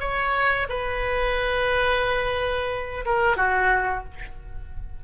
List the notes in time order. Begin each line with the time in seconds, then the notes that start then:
0.00 C#5
0.69 B4
3.05 A#4
3.36 F#4